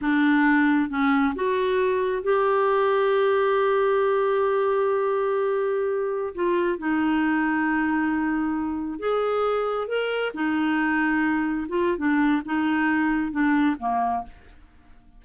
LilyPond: \new Staff \with { instrumentName = "clarinet" } { \time 4/4 \tempo 4 = 135 d'2 cis'4 fis'4~ | fis'4 g'2.~ | g'1~ | g'2~ g'16 f'4 dis'8.~ |
dis'1~ | dis'16 gis'2 ais'4 dis'8.~ | dis'2~ dis'16 f'8. d'4 | dis'2 d'4 ais4 | }